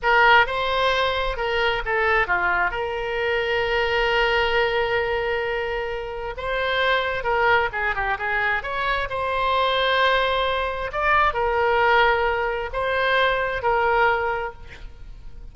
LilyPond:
\new Staff \with { instrumentName = "oboe" } { \time 4/4 \tempo 4 = 132 ais'4 c''2 ais'4 | a'4 f'4 ais'2~ | ais'1~ | ais'2 c''2 |
ais'4 gis'8 g'8 gis'4 cis''4 | c''1 | d''4 ais'2. | c''2 ais'2 | }